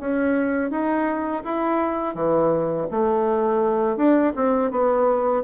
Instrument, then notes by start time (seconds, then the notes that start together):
bassoon
0.00 C#4
0.71 D#4
1.44 E4
2.15 E3
2.91 A3
3.97 D4
4.36 C4
4.71 B3